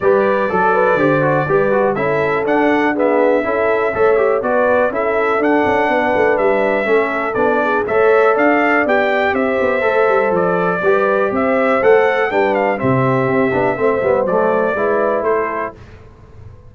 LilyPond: <<
  \new Staff \with { instrumentName = "trumpet" } { \time 4/4 \tempo 4 = 122 d''1 | e''4 fis''4 e''2~ | e''4 d''4 e''4 fis''4~ | fis''4 e''2 d''4 |
e''4 f''4 g''4 e''4~ | e''4 d''2 e''4 | fis''4 g''8 f''8 e''2~ | e''4 d''2 c''4 | }
  \new Staff \with { instrumentName = "horn" } { \time 4/4 b'4 a'8 b'8 c''4 b'4 | a'2 gis'4 a'4 | cis''4 b'4 a'2 | b'2 a'4. gis'8 |
cis''4 d''2 c''4~ | c''2 b'4 c''4~ | c''4 b'4 g'2 | c''2 b'4 a'4 | }
  \new Staff \with { instrumentName = "trombone" } { \time 4/4 g'4 a'4 g'8 fis'8 g'8 fis'8 | e'4 d'4 b4 e'4 | a'8 g'8 fis'4 e'4 d'4~ | d'2 cis'4 d'4 |
a'2 g'2 | a'2 g'2 | a'4 d'4 c'4. d'8 | c'8 b8 a4 e'2 | }
  \new Staff \with { instrumentName = "tuba" } { \time 4/4 g4 fis4 d4 g4 | cis'4 d'2 cis'4 | a4 b4 cis'4 d'8 cis'8 | b8 a8 g4 a4 b4 |
a4 d'4 b4 c'8 b8 | a8 g8 f4 g4 c'4 | a4 g4 c4 c'8 b8 | a8 g8 fis4 gis4 a4 | }
>>